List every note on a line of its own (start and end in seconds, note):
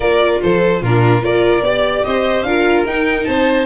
0.00 0.39 A#3
0.00 0.83 F4
0.00 0.40 A#4
0.00 0.41 D5
0.42 0.81 F3
0.42 0.81 A4
0.42 0.82 C5
0.81 1.22 A#2
0.81 1.21 D4
0.81 1.22 F4
0.81 1.24 A#4
1.21 1.62 A#3
1.21 1.61 F4
1.21 1.64 A#4
1.21 2.04 D5
1.62 2.02 B3
1.62 2.46 G4
1.62 2.05 D5
2.04 2.42 C4
2.04 2.46 C5
2.04 2.42 D#5
2.42 2.83 D4
2.42 2.87 F4
2.42 3.28 A#4
2.42 2.83 F5
2.85 3.26 D#4
2.85 3.66 D#4
2.85 3.24 G5
3.24 3.66 C4
3.24 3.66 C5
3.24 3.65 A5